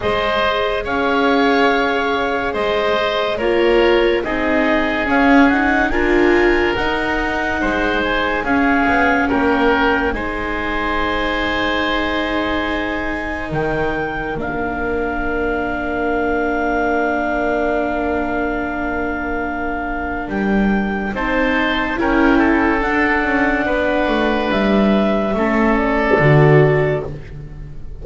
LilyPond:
<<
  \new Staff \with { instrumentName = "clarinet" } { \time 4/4 \tempo 4 = 71 dis''4 f''2 dis''4 | cis''4 dis''4 f''8 fis''8 gis''4 | fis''4. gis''8 f''4 g''4 | gis''1 |
g''4 f''2.~ | f''1 | g''4 a''4 g''4 fis''4~ | fis''4 e''4. d''4. | }
  \new Staff \with { instrumentName = "oboe" } { \time 4/4 c''4 cis''2 c''4 | ais'4 gis'2 ais'4~ | ais'4 c''4 gis'4 ais'4 | c''1 |
ais'1~ | ais'1~ | ais'4 c''4 ais'8 a'4. | b'2 a'2 | }
  \new Staff \with { instrumentName = "viola" } { \time 4/4 gis'1 | f'4 dis'4 cis'8 dis'8 f'4 | dis'2 cis'2 | dis'1~ |
dis'4 d'2.~ | d'1~ | d'4 dis'4 e'4 d'4~ | d'2 cis'4 fis'4 | }
  \new Staff \with { instrumentName = "double bass" } { \time 4/4 gis4 cis'2 gis4 | ais4 c'4 cis'4 d'4 | dis'4 gis4 cis'8 b8 ais4 | gis1 |
dis4 ais2.~ | ais1 | g4 c'4 cis'4 d'8 cis'8 | b8 a8 g4 a4 d4 | }
>>